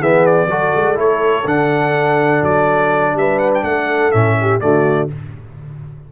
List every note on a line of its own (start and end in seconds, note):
0.00 0.47 E3
0.00 0.50 B3
0.00 0.48 G#4
0.00 0.26 E5
0.26 0.98 D5
0.47 0.71 F#3
0.47 0.95 F#4
0.47 3.16 A4
0.76 0.96 G#3
0.95 1.45 A3
0.95 1.43 E4
0.95 1.47 C#5
1.45 2.42 D3
1.45 4.12 D4
1.45 2.44 F#5
2.42 3.14 F#3
2.42 3.17 D5
3.14 3.63 G3
3.14 3.65 B4
3.14 3.39 E5
3.39 3.51 F#5
3.54 3.64 G5
3.63 4.11 A3
3.63 4.37 A4
3.63 4.11 F#5
4.11 4.62 A2
4.11 4.60 C#4
4.11 4.60 E5
4.41 4.64 G4
4.60 5.10 D3
4.60 5.08 A3
4.60 5.12 F#4
4.60 5.08 D5